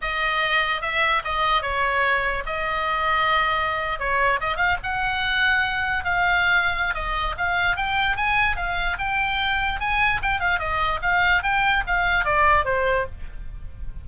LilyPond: \new Staff \with { instrumentName = "oboe" } { \time 4/4 \tempo 4 = 147 dis''2 e''4 dis''4 | cis''2 dis''2~ | dis''4.~ dis''16 cis''4 dis''8 f''8 fis''16~ | fis''2~ fis''8. f''4~ f''16~ |
f''4 dis''4 f''4 g''4 | gis''4 f''4 g''2 | gis''4 g''8 f''8 dis''4 f''4 | g''4 f''4 d''4 c''4 | }